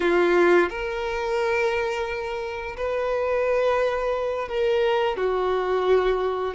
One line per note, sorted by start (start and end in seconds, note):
0.00 0.69 F4
0.69 2.76 A#4
2.76 4.48 B4
4.48 5.16 A#4
5.16 6.54 F#4